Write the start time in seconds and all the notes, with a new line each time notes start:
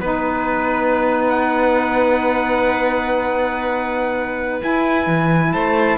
0.00 B3 D#4 B4
1.29 F#5
4.62 E4 G#5
5.07 E3
5.53 A3 C5 A5